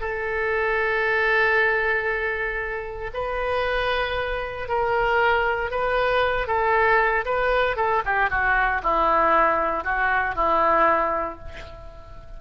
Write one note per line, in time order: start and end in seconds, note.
0.00 3.10 A4
3.13 4.68 B4
4.68 5.71 A#4
5.71 6.47 B4
6.47 7.25 A4
7.25 7.76 B4
7.76 8.02 A4
8.05 8.30 G4
8.30 8.81 F#4
8.83 9.84 E4
9.84 10.35 F#4
10.35 11.38 E4